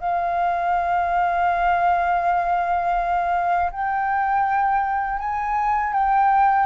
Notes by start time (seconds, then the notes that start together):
0.00 F5
3.71 G5
5.19 G#5
5.93 G5